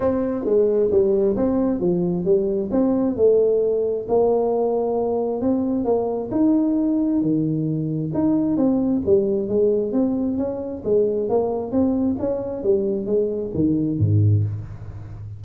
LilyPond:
\new Staff \with { instrumentName = "tuba" } { \time 4/4 \tempo 4 = 133 c'4 gis4 g4 c'4 | f4 g4 c'4 a4~ | a4 ais2. | c'4 ais4 dis'2 |
dis2 dis'4 c'4 | g4 gis4 c'4 cis'4 | gis4 ais4 c'4 cis'4 | g4 gis4 dis4 gis,4 | }